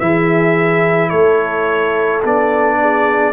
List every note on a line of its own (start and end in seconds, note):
0.00 1.13 E3
0.00 2.24 E4
0.00 1.10 G#4
0.00 1.10 E5
1.10 2.24 A3
1.10 2.77 A4
1.10 2.21 C#5
2.25 3.34 B3
2.25 3.34 D4
2.25 3.34 D5
2.81 3.34 G#4